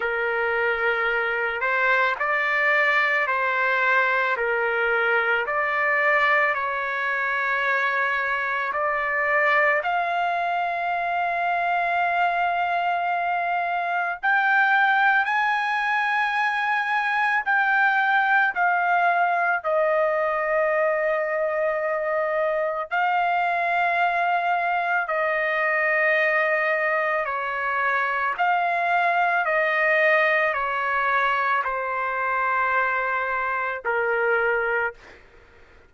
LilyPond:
\new Staff \with { instrumentName = "trumpet" } { \time 4/4 \tempo 4 = 55 ais'4. c''8 d''4 c''4 | ais'4 d''4 cis''2 | d''4 f''2.~ | f''4 g''4 gis''2 |
g''4 f''4 dis''2~ | dis''4 f''2 dis''4~ | dis''4 cis''4 f''4 dis''4 | cis''4 c''2 ais'4 | }